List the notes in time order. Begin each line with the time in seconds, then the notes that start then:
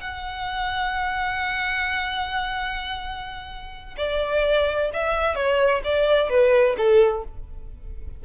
0.00 F#5
3.97 D5
4.93 E5
5.35 C#5
5.84 D5
6.29 B4
6.77 A4